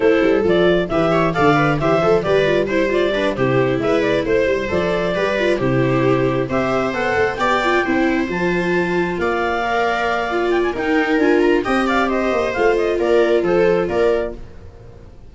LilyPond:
<<
  \new Staff \with { instrumentName = "clarinet" } { \time 4/4 \tempo 4 = 134 c''4 d''4 e''4 f''4 | e''4 d''4 c''8 d''4 c''8~ | c''8 e''8 d''8 c''4 d''4.~ | d''8 c''2 e''4 fis''8~ |
fis''8 g''2 a''4.~ | a''8 f''2. g''16 gis''16 | g''4 gis''8 ais''8 g''8 f''8 dis''4 | f''8 dis''8 d''4 c''4 d''4 | }
  \new Staff \with { instrumentName = "viola" } { \time 4/4 a'2 b'8 cis''8 d''4 | g'8 a'8 b'4 c''4 b'8 g'8~ | g'8 b'4 c''2 b'8~ | b'8 g'2 c''4.~ |
c''8 d''4 c''2~ c''8~ | c''8 d''2.~ d''8 | ais'2 dis''8 d''8 c''4~ | c''4 ais'4 a'4 ais'4 | }
  \new Staff \with { instrumentName = "viola" } { \time 4/4 e'4 f'4 g'4 a'8 b'8 | c''4 g'8 f'8 e'8 f'8 d'8 e'8~ | e'2~ e'8 a'4 g'8 | f'8 e'2 g'4 a'8~ |
a'8 g'8 f'8 e'4 f'4.~ | f'4. ais'4. f'4 | dis'4 f'4 g'2 | f'1 | }
  \new Staff \with { instrumentName = "tuba" } { \time 4/4 a8 g8 f4 e4 d4 | e8 f8 g2~ g8 c8~ | c8 gis4 a8 g8 f4 g8~ | g8 c2 c'4 b8 |
a8 b4 c'4 f4.~ | f8 ais2.~ ais8 | dis'4 d'4 c'4. ais8 | a4 ais4 f4 ais4 | }
>>